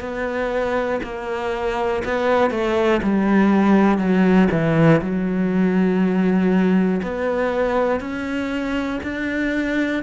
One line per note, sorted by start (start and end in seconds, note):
0.00 1.00 B3
1.03 2.03 A#3
2.05 2.51 B3
2.51 3.01 A3
3.03 3.98 G3
3.98 4.48 F#3
4.51 5.01 E3
5.01 7.01 F#3
7.03 8.00 B3
8.00 9.00 C#4
9.03 10.03 D4